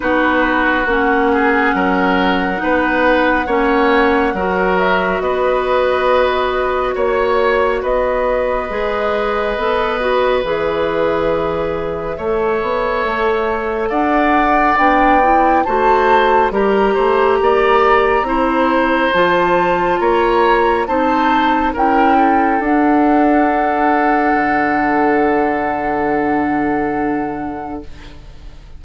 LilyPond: <<
  \new Staff \with { instrumentName = "flute" } { \time 4/4 \tempo 4 = 69 b'4 fis''2.~ | fis''4. e''8 dis''2 | cis''4 dis''2. | e''1 |
fis''4 g''4 a''4 ais''4~ | ais''2 a''4 ais''4 | a''4 g''4 fis''2~ | fis''1 | }
  \new Staff \with { instrumentName = "oboe" } { \time 4/4 fis'4. gis'8 ais'4 b'4 | cis''4 ais'4 b'2 | cis''4 b'2.~ | b'2 cis''2 |
d''2 c''4 ais'8 c''8 | d''4 c''2 cis''4 | c''4 ais'8 a'2~ a'8~ | a'1 | }
  \new Staff \with { instrumentName = "clarinet" } { \time 4/4 dis'4 cis'2 dis'4 | cis'4 fis'2.~ | fis'2 gis'4 a'8 fis'8 | gis'2 a'2~ |
a'4 d'8 e'8 fis'4 g'4~ | g'4 e'4 f'2 | dis'4 e'4 d'2~ | d'1 | }
  \new Staff \with { instrumentName = "bassoon" } { \time 4/4 b4 ais4 fis4 b4 | ais4 fis4 b2 | ais4 b4 gis4 b4 | e2 a8 b8 a4 |
d'4 b4 a4 g8 a8 | ais4 c'4 f4 ais4 | c'4 cis'4 d'2 | d1 | }
>>